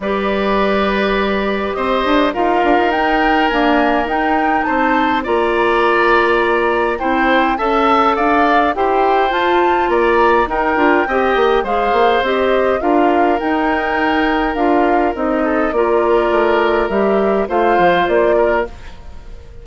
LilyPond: <<
  \new Staff \with { instrumentName = "flute" } { \time 4/4 \tempo 4 = 103 d''2. dis''4 | f''4 g''4 gis''4 g''4 | a''4 ais''2. | g''4 a''4 f''4 g''4 |
a''4 ais''4 g''2 | f''4 dis''4 f''4 g''4~ | g''4 f''4 dis''4 d''4~ | d''4 e''4 f''4 d''4 | }
  \new Staff \with { instrumentName = "oboe" } { \time 4/4 b'2. c''4 | ais'1 | c''4 d''2. | c''4 e''4 d''4 c''4~ |
c''4 d''4 ais'4 dis''4 | c''2 ais'2~ | ais'2~ ais'8 a'8 ais'4~ | ais'2 c''4. ais'8 | }
  \new Staff \with { instrumentName = "clarinet" } { \time 4/4 g'1 | f'4 dis'4 ais4 dis'4~ | dis'4 f'2. | e'4 a'2 g'4 |
f'2 dis'8 f'8 g'4 | gis'4 g'4 f'4 dis'4~ | dis'4 f'4 dis'4 f'4~ | f'4 g'4 f'2 | }
  \new Staff \with { instrumentName = "bassoon" } { \time 4/4 g2. c'8 d'8 | dis'8 d'16 dis'4~ dis'16 d'4 dis'4 | c'4 ais2. | c'4 cis'4 d'4 e'4 |
f'4 ais4 dis'8 d'8 c'8 ais8 | gis8 ais8 c'4 d'4 dis'4~ | dis'4 d'4 c'4 ais4 | a4 g4 a8 f8 ais4 | }
>>